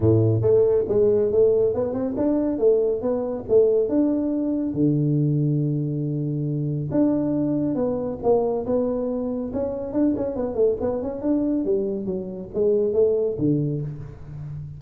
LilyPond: \new Staff \with { instrumentName = "tuba" } { \time 4/4 \tempo 4 = 139 a,4 a4 gis4 a4 | b8 c'8 d'4 a4 b4 | a4 d'2 d4~ | d1 |
d'2 b4 ais4 | b2 cis'4 d'8 cis'8 | b8 a8 b8 cis'8 d'4 g4 | fis4 gis4 a4 d4 | }